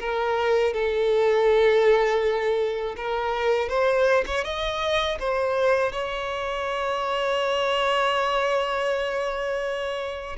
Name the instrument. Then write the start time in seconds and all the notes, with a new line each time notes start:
violin
0.00 A#4
0.73 A4
2.97 A#4
3.69 C5
4.26 C#5
4.44 D#5
5.20 C5
5.92 C#5